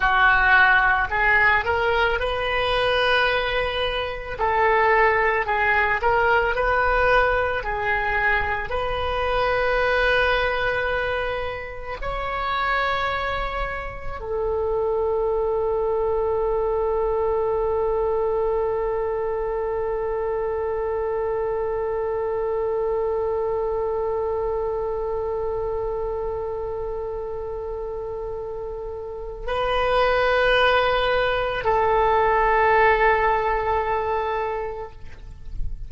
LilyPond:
\new Staff \with { instrumentName = "oboe" } { \time 4/4 \tempo 4 = 55 fis'4 gis'8 ais'8 b'2 | a'4 gis'8 ais'8 b'4 gis'4 | b'2. cis''4~ | cis''4 a'2.~ |
a'1~ | a'1~ | a'2. b'4~ | b'4 a'2. | }